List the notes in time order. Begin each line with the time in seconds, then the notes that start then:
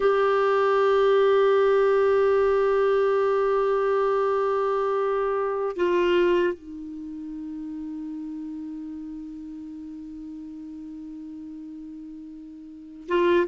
0.00 G4
5.76 F4
6.53 D#4
13.08 F4